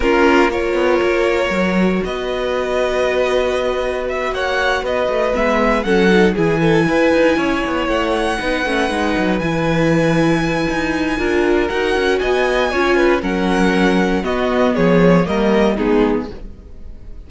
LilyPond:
<<
  \new Staff \with { instrumentName = "violin" } { \time 4/4 \tempo 4 = 118 ais'4 cis''2. | dis''1 | e''8 fis''4 dis''4 e''4 fis''8~ | fis''8 gis''2. fis''8~ |
fis''2~ fis''8 gis''4.~ | gis''2. fis''4 | gis''2 fis''2 | dis''4 cis''4 dis''4 gis'4 | }
  \new Staff \with { instrumentName = "violin" } { \time 4/4 f'4 ais'2. | b'1~ | b'8 cis''4 b'2 a'8~ | a'8 gis'8 a'8 b'4 cis''4.~ |
cis''8 b'2.~ b'8~ | b'2 ais'2 | dis''4 cis''8 b'8 ais'2 | fis'4 gis'4 ais'4 dis'4 | }
  \new Staff \with { instrumentName = "viola" } { \time 4/4 cis'4 f'2 fis'4~ | fis'1~ | fis'2~ fis'8 b4 cis'8 | dis'8 e'2.~ e'8~ |
e'8 dis'8 cis'8 dis'4 e'4.~ | e'2 f'4 fis'4~ | fis'4 f'4 cis'2 | b2 ais4 b4 | }
  \new Staff \with { instrumentName = "cello" } { \time 4/4 ais4. b8 ais4 fis4 | b1~ | b8 ais4 b8 a8 gis4 fis8~ | fis8 e4 e'8 dis'8 cis'8 b8 a8~ |
a8 b8 a8 gis8 fis8 e4.~ | e4 dis'4 d'4 dis'8 cis'8 | b4 cis'4 fis2 | b4 f4 g4 gis4 | }
>>